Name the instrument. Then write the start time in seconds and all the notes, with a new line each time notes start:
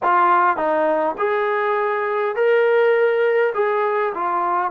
trombone
0.02 F4
0.56 D#4
1.18 G#4
2.35 A#4
3.54 G#4
4.14 F4